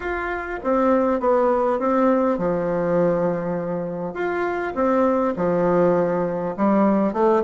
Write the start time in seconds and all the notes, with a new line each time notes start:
0.00 F4
0.63 C4
1.20 B3
1.79 C4
2.38 F3
4.14 F4
4.74 C4
5.36 F3
6.56 G3
7.13 A3